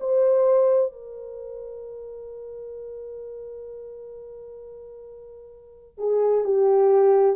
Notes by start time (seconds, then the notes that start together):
0.00 C5
0.93 A#4
5.98 G#4
6.45 G4